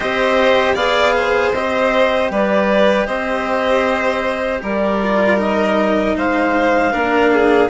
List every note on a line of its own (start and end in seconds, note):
0.00 0.75 C4
0.00 0.76 G4
0.00 0.74 C5
0.00 0.75 D#5
0.74 1.52 B3
0.74 1.53 G#4
0.74 1.12 D5
0.74 1.52 F5
1.16 2.31 C5
1.53 2.30 C4
1.53 5.01 G4
1.53 2.31 D#5
2.30 3.07 G3
2.30 3.07 B4
2.30 3.06 D5
3.06 4.60 C4
3.06 4.60 C5
3.06 4.60 D#5
4.62 6.16 G3
4.62 6.16 A#4
4.62 5.40 D5
5.02 5.37 F4
5.37 6.91 D#4
5.37 6.17 D#5
6.16 6.93 G#3
6.16 6.92 C5
6.16 7.69 F5
6.91 7.69 A#3
6.91 7.68 D4
6.91 7.30 A#4
7.32 7.69 G#4